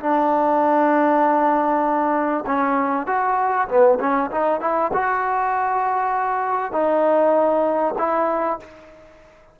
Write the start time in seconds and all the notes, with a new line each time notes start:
0.00 D4
2.46 C#4
3.07 F#4
3.68 B3
4.00 C#4
4.31 D#4
4.61 E4
4.93 F#4
6.72 D#4
7.98 E4